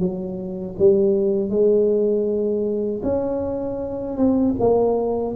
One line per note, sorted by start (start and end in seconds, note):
0.00 0.76 F#3
0.79 1.50 G3
1.50 3.02 G#3
3.03 4.17 C#4
4.17 4.55 C4
4.60 5.36 A#3